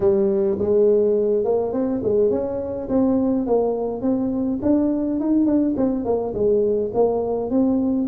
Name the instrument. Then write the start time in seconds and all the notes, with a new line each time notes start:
tuba
0.00 G3
0.58 G#3
1.44 A#3
1.72 C4
2.03 G#3
2.30 C#4
2.88 C4
3.46 A#3
4.01 C4
4.62 D4
5.20 D#4
5.45 D4
5.77 C4
6.04 A#3
6.34 G#3
6.94 A#3
7.50 C4